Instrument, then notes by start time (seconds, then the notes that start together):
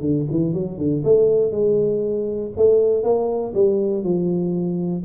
tuba
0.00 D3
0.30 E3
0.53 F#3
0.77 D3
1.04 A3
1.51 G#3
2.56 A3
3.03 A#3
3.54 G3
4.03 F3